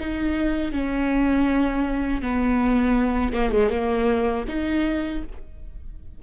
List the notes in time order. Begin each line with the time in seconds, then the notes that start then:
0.00 D#4
0.72 C#4
2.22 B3
3.33 A#3
3.52 G#3
3.70 A#3
4.48 D#4